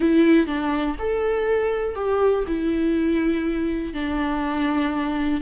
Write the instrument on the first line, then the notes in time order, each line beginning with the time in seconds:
viola
0.00 E4
0.46 D4
0.98 A4
1.95 G4
2.47 E4
3.93 D4